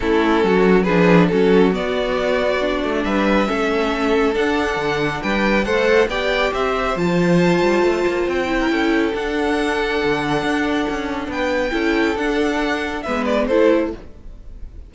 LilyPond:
<<
  \new Staff \with { instrumentName = "violin" } { \time 4/4 \tempo 4 = 138 a'2 b'4 a'4 | d''2. e''4~ | e''2 fis''2 | g''4 fis''4 g''4 e''4 |
a''2. g''4~ | g''4 fis''2.~ | fis''2 g''2 | fis''2 e''8 d''8 c''4 | }
  \new Staff \with { instrumentName = "violin" } { \time 4/4 e'4 fis'4 gis'4 fis'4~ | fis'2. b'4 | a'1 | b'4 c''4 d''4 c''4~ |
c''2.~ c''8. ais'16 | a'1~ | a'2 b'4 a'4~ | a'2 b'4 a'4 | }
  \new Staff \with { instrumentName = "viola" } { \time 4/4 cis'2 d'4 cis'4 | b2 d'2 | cis'2 d'2~ | d'4 a'4 g'2 |
f'2.~ f'8 e'8~ | e'4 d'2.~ | d'2. e'4 | d'2 b4 e'4 | }
  \new Staff \with { instrumentName = "cello" } { \time 4/4 a4 fis4 f4 fis4 | b2~ b8 a8 g4 | a2 d'4 d4 | g4 a4 b4 c'4 |
f4. g8 a8 ais8 c'4 | cis'4 d'2 d4 | d'4 cis'4 b4 cis'4 | d'2 gis4 a4 | }
>>